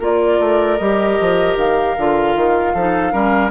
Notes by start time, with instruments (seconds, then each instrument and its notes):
0.00 bassoon A#3, clarinet F4, oboe A#4, flute D5
0.40 bassoon A3
0.78 bassoon G3, clarinet G4, flute D#5
1.20 bassoon F3
1.56 bassoon D#3, flute F5
1.97 bassoon D3, clarinet F4
2.36 bassoon D#3
2.74 bassoon F3, clarinet D#4, oboe A4
3.12 bassoon G3, clarinet C#4, oboe A#4